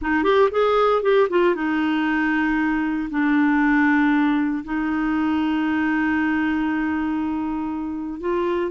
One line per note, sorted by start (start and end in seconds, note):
0.01 0.23 D#4
0.23 0.49 G4
0.51 1.02 G#4
1.02 1.28 G4
1.29 1.55 F4
1.55 3.09 D#4
3.10 4.64 D4
4.64 8.20 D#4
8.20 8.71 F4